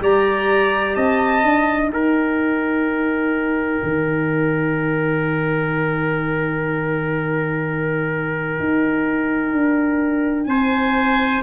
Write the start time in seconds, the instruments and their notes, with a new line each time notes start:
0.00 tuba G3, clarinet G4, trumpet D5, violin A#5
0.95 tuba C4, trumpet D#5, violin A5
1.43 tuba D4, clarinet D#4
1.89 tuba D#4, trumpet A#4, violin G5
3.83 tuba D#3
8.59 tuba D#4
9.52 tuba D4
10.46 tuba C4, trumpet C5, violin G#5